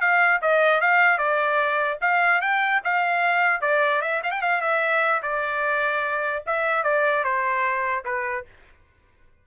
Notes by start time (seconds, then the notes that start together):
0.00 F5
0.41 D#5
0.80 F5
1.18 D5
2.01 F5
2.41 G5
2.84 F5
3.61 D5
4.01 E5
4.23 F5
4.31 G5
4.41 F5
4.61 E5
5.22 D5
6.46 E5
6.83 D5
7.24 C5
8.04 B4